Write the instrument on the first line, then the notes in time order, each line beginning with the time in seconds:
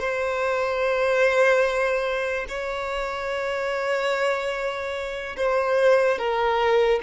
violin
0.00 C5
2.49 C#5
5.37 C5
6.19 A#4